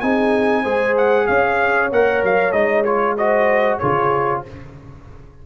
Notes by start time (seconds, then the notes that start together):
0.00 C4 D#4 G#4 G#5
0.62 G#3 G#4 C5
0.97 F#5
1.27 C#4 C#5 F5
1.92 A#3 A#4 F#5
2.23 F#3 F5
2.52 G#3 D#4 D#5
2.84 F4 C#5
3.17 F#4 C5 D#5
3.79 C#3 F4 G#4 C#5